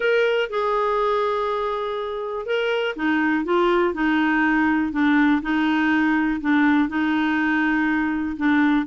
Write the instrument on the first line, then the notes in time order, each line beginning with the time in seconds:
clarinet
0.00 A#4
0.49 G#4
2.46 A#4
2.96 D#4
3.44 F4
3.93 D#4
4.92 D4
5.41 D#4
6.41 D4
6.89 D#4
8.36 D4